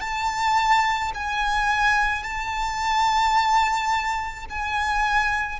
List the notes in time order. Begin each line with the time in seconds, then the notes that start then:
0.00 A5
1.14 G#5
2.23 A5
4.49 G#5